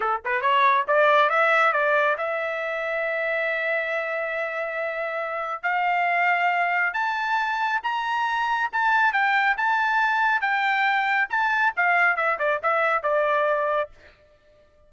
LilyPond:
\new Staff \with { instrumentName = "trumpet" } { \time 4/4 \tempo 4 = 138 a'8 b'8 cis''4 d''4 e''4 | d''4 e''2.~ | e''1~ | e''4 f''2. |
a''2 ais''2 | a''4 g''4 a''2 | g''2 a''4 f''4 | e''8 d''8 e''4 d''2 | }